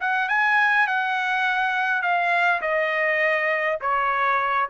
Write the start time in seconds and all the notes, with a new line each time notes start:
0.00 F#5
0.29 G#5
0.87 F#5
2.02 F5
2.61 D#5
3.81 C#5